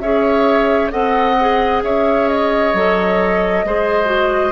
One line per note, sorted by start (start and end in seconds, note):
0.00 0.91 C#4
0.00 0.91 G#4
0.00 0.92 C#5
0.00 0.91 E5
0.91 1.83 C4
0.91 1.36 A4
0.91 1.83 D#5
0.91 1.82 F#5
1.40 2.75 G#4
1.83 2.73 C#4
1.83 3.66 C#5
1.83 2.29 E5
2.29 4.52 D#5
2.73 3.64 F#3
2.73 3.66 A4
3.65 4.52 G#3
3.65 4.05 G#4
3.65 4.52 C5
4.05 4.51 F#4